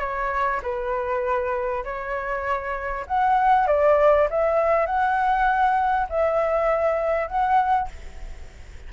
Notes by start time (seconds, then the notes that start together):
0.00 C#5
0.63 B4
1.84 C#5
3.07 F#5
3.67 D5
4.30 E5
4.86 F#5
6.09 E5
7.27 F#5